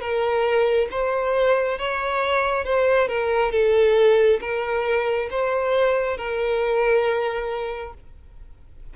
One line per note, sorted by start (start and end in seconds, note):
0.00 0.88 A#4
0.90 1.78 C5
1.78 2.64 C#5
2.64 3.08 C5
3.08 3.51 A#4
3.51 4.40 A4
4.41 5.29 A#4
5.30 6.17 C5
6.17 7.93 A#4